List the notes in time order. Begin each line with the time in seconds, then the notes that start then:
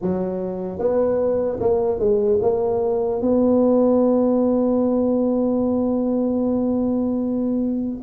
0.01 F#3
0.78 B3
1.60 A#3
1.99 G#3
2.41 A#3
3.21 B3